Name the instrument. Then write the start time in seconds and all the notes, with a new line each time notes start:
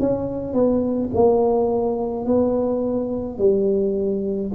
tuba
0.00 C#4
0.54 B3
1.14 A#3
2.26 B3
3.38 G3